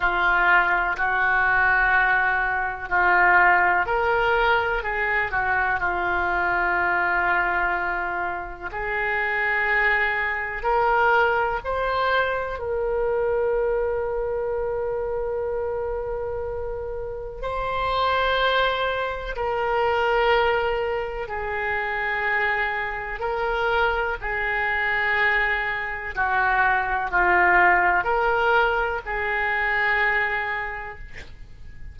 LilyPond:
\new Staff \with { instrumentName = "oboe" } { \time 4/4 \tempo 4 = 62 f'4 fis'2 f'4 | ais'4 gis'8 fis'8 f'2~ | f'4 gis'2 ais'4 | c''4 ais'2.~ |
ais'2 c''2 | ais'2 gis'2 | ais'4 gis'2 fis'4 | f'4 ais'4 gis'2 | }